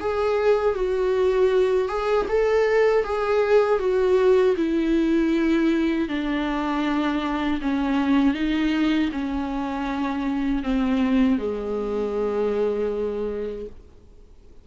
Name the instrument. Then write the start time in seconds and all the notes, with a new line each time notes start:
viola
0.00 G#4
0.75 F#4
1.88 G#4
2.29 A4
3.04 G#4
3.79 F#4
4.57 E4
6.09 D4
7.61 C#4
8.34 D#4
9.12 C#4
10.63 C4
11.38 G#3